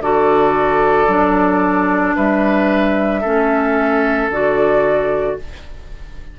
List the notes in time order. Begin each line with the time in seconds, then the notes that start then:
0.00 D3 F#4 A4 D5
1.07 F#3 D4
2.15 G3 B4 E5
3.21 A3 C#4 A4
4.28 D3 F#4 D5